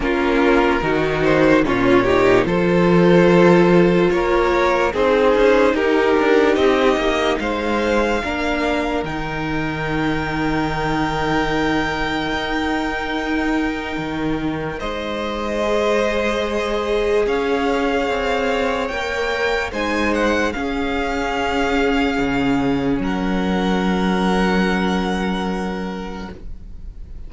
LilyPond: <<
  \new Staff \with { instrumentName = "violin" } { \time 4/4 \tempo 4 = 73 ais'4. c''8 cis''4 c''4~ | c''4 cis''4 c''4 ais'4 | dis''4 f''2 g''4~ | g''1~ |
g''2 dis''2~ | dis''4 f''2 g''4 | gis''8 fis''8 f''2. | fis''1 | }
  \new Staff \with { instrumentName = "violin" } { \time 4/4 f'4 fis'4 f'8 g'8 a'4~ | a'4 ais'4 gis'4 g'4~ | g'4 c''4 ais'2~ | ais'1~ |
ais'2 c''2~ | c''4 cis''2. | c''4 gis'2. | ais'1 | }
  \new Staff \with { instrumentName = "viola" } { \time 4/4 cis'4 dis'4 cis'8 dis'8 f'4~ | f'2 dis'2~ | dis'2 d'4 dis'4~ | dis'1~ |
dis'2. gis'4~ | gis'2. ais'4 | dis'4 cis'2.~ | cis'1 | }
  \new Staff \with { instrumentName = "cello" } { \time 4/4 ais4 dis4 ais,4 f4~ | f4 ais4 c'8 cis'8 dis'8 d'8 | c'8 ais8 gis4 ais4 dis4~ | dis2. dis'4~ |
dis'4 dis4 gis2~ | gis4 cis'4 c'4 ais4 | gis4 cis'2 cis4 | fis1 | }
>>